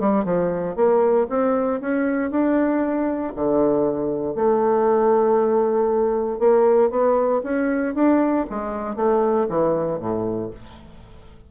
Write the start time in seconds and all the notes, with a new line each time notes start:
0.00 G3
0.25 F3
0.76 A#3
1.30 C4
1.81 C#4
2.31 D4
3.35 D3
4.35 A3
6.39 A#3
6.90 B3
7.43 C#4
7.95 D4
8.50 G#3
8.96 A3
9.49 E3
10.00 A2